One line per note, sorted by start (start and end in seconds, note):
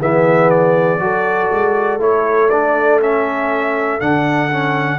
0.00 0.98 E3
0.00 1.00 B3
0.00 1.00 G#4
0.00 0.50 E5
0.50 2.00 D5
0.98 1.48 F#3
0.98 2.00 F#4
0.98 4.99 A4
1.52 1.99 G#3
1.99 3.99 A3
1.99 2.50 E4
1.99 2.50 C#5
2.50 3.00 D4
2.50 3.00 D5
3.00 4.00 C#4
3.00 4.00 E5
4.00 4.99 D3
4.00 4.50 D4
4.00 4.99 F#5
4.50 4.99 C#4